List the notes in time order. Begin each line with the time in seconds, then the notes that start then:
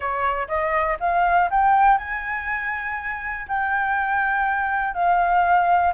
0.00 C#5
0.48 D#5
0.99 F5
1.50 G5
1.98 G#5
3.47 G5
4.94 F5